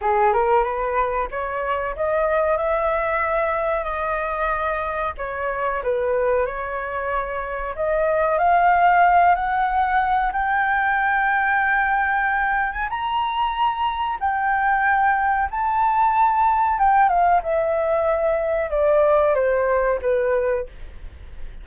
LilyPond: \new Staff \with { instrumentName = "flute" } { \time 4/4 \tempo 4 = 93 gis'8 ais'8 b'4 cis''4 dis''4 | e''2 dis''2 | cis''4 b'4 cis''2 | dis''4 f''4. fis''4. |
g''2.~ g''8. gis''16 | ais''2 g''2 | a''2 g''8 f''8 e''4~ | e''4 d''4 c''4 b'4 | }